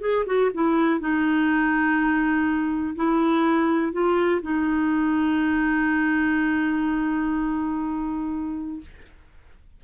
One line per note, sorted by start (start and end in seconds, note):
0.00 0.24 G#4
0.26 0.50 F#4
0.53 1.00 E4
1.00 2.95 D#4
2.95 3.92 E4
3.92 4.41 F4
4.41 8.80 D#4